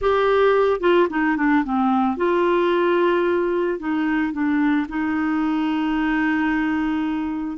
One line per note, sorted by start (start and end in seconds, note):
0.01 0.80 G4
0.80 1.07 F4
1.09 1.36 D#4
1.36 1.63 D4
1.64 2.16 C4
2.16 3.79 F4
3.79 4.32 D#4
4.32 4.86 D4
4.88 7.57 D#4